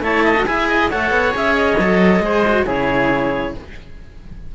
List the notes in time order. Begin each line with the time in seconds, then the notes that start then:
0.00 A3 E4 C#5 A5
0.23 D#5
0.36 F#4
0.45 E4 G#4 E5 G#5
0.68 D#5
0.90 A3 A4 C#5 F#5
1.10 B3
1.31 C#4 G#4 E5
1.54 D#5
1.79 F#3 A4
2.19 G#3 G#4 C5
2.47 F#4
2.65 C#3 E4 G#4 C#5